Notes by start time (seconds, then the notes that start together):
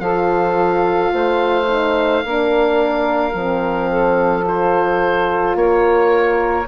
0.00 F3 F4 A4 F5
1.13 A3 C5
1.68 D#4
2.24 A#3 D4 A#4
3.34 F3 C4
3.90 A4
4.44 F4 C5
5.55 A#3 A#4 C#5